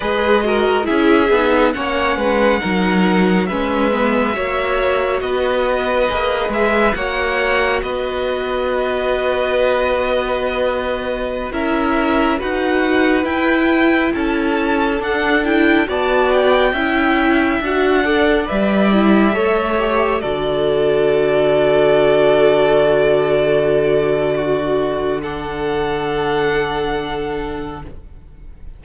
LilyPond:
<<
  \new Staff \with { instrumentName = "violin" } { \time 4/4 \tempo 4 = 69 dis''4 e''4 fis''2 | e''2 dis''4. e''8 | fis''4 dis''2.~ | dis''4~ dis''16 e''4 fis''4 g''8.~ |
g''16 a''4 fis''8 g''8 a''8 g''4~ g''16~ | g''16 fis''4 e''2 d''8.~ | d''1~ | d''4 fis''2. | }
  \new Staff \with { instrumentName = "violin" } { \time 4/4 b'8 ais'8 gis'4 cis''8 b'8 ais'4 | b'4 cis''4 b'2 | cis''4 b'2.~ | b'4~ b'16 ais'4 b'4.~ b'16~ |
b'16 a'2 d''4 e''8.~ | e''8. d''4. cis''4 a'8.~ | a'1 | fis'4 a'2. | }
  \new Staff \with { instrumentName = "viola" } { \time 4/4 gis'8 fis'8 e'8 dis'8 cis'4 dis'4 | cis'8 b8 fis'2 gis'4 | fis'1~ | fis'4~ fis'16 e'4 fis'4 e'8.~ |
e'4~ e'16 d'8 e'8 fis'4 e'8.~ | e'16 fis'8 a'8 b'8 e'8 a'8 g'8 fis'8.~ | fis'1~ | fis'4 d'2. | }
  \new Staff \with { instrumentName = "cello" } { \time 4/4 gis4 cis'8 b8 ais8 gis8 fis4 | gis4 ais4 b4 ais8 gis8 | ais4 b2.~ | b4~ b16 cis'4 dis'4 e'8.~ |
e'16 cis'4 d'4 b4 cis'8.~ | cis'16 d'4 g4 a4 d8.~ | d1~ | d1 | }
>>